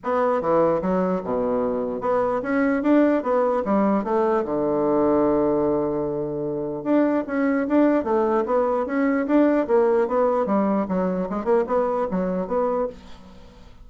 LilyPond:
\new Staff \with { instrumentName = "bassoon" } { \time 4/4 \tempo 4 = 149 b4 e4 fis4 b,4~ | b,4 b4 cis'4 d'4 | b4 g4 a4 d4~ | d1~ |
d4 d'4 cis'4 d'4 | a4 b4 cis'4 d'4 | ais4 b4 g4 fis4 | gis8 ais8 b4 fis4 b4 | }